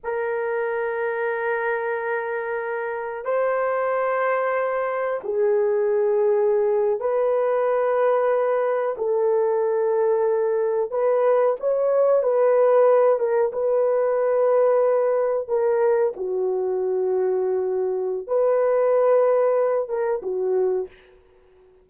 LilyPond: \new Staff \with { instrumentName = "horn" } { \time 4/4 \tempo 4 = 92 ais'1~ | ais'4 c''2. | gis'2~ gis'8. b'4~ b'16~ | b'4.~ b'16 a'2~ a'16~ |
a'8. b'4 cis''4 b'4~ b'16~ | b'16 ais'8 b'2. ais'16~ | ais'8. fis'2.~ fis'16 | b'2~ b'8 ais'8 fis'4 | }